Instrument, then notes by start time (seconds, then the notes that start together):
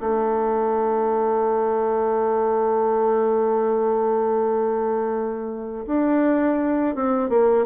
bassoon
0.00 A3
5.86 D4
6.95 C4
7.29 A#3